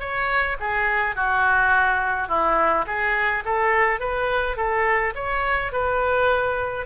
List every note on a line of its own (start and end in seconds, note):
0.00 0.57 C#5
0.60 1.16 G#4
1.16 2.29 F#4
2.29 2.86 E4
2.87 3.44 G#4
3.45 4.01 A4
4.01 4.57 B4
4.57 5.14 A4
5.16 5.72 C#5
5.72 6.87 B4